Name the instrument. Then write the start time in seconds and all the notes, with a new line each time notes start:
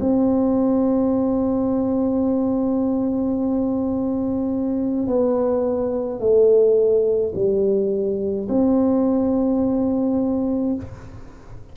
tuba
0.00 C4
5.08 B3
6.20 A3
7.35 G3
8.49 C4